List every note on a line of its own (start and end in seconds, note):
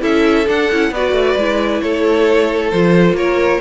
0.00 0.47 C#4
0.00 0.45 E4
0.00 0.91 A4
0.00 0.48 E5
0.47 0.69 D4
0.47 0.72 D4
0.47 0.93 F#5
0.71 0.90 C#4
0.71 0.93 E4
0.90 1.12 B3
0.90 1.38 F#4
0.90 1.83 B4
0.90 1.81 D5
1.12 1.34 A3
1.36 1.81 G#3
1.36 2.73 E4
1.81 2.72 A3
1.81 3.17 A4
1.81 2.71 C#5
2.71 3.13 F3
2.71 3.60 F4
2.71 3.15 C5
3.13 3.57 A#3
3.13 3.60 A#4
3.13 3.60 C#5